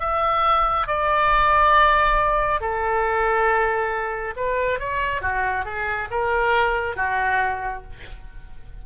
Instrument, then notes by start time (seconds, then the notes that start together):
oboe
0.00 E5
0.87 D5
2.60 A4
4.36 B4
4.79 C#5
5.21 F#4
5.65 G#4
6.11 A#4
6.96 F#4